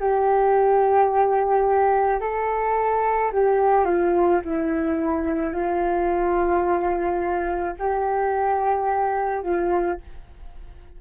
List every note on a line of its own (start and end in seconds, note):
0.00 2.21 G4
2.21 3.32 A4
3.32 3.85 G4
3.85 4.40 F4
4.44 5.53 E4
5.53 7.75 F4
7.79 9.42 G4
9.42 9.98 F4